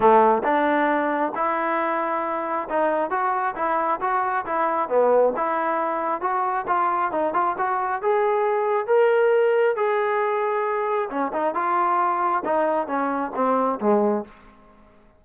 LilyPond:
\new Staff \with { instrumentName = "trombone" } { \time 4/4 \tempo 4 = 135 a4 d'2 e'4~ | e'2 dis'4 fis'4 | e'4 fis'4 e'4 b4 | e'2 fis'4 f'4 |
dis'8 f'8 fis'4 gis'2 | ais'2 gis'2~ | gis'4 cis'8 dis'8 f'2 | dis'4 cis'4 c'4 gis4 | }